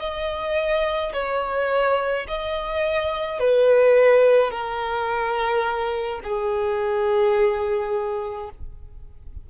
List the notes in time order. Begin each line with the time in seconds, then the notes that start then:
0.00 D#5
1.14 C#5
2.28 D#5
3.40 B4
4.51 A#4
6.24 G#4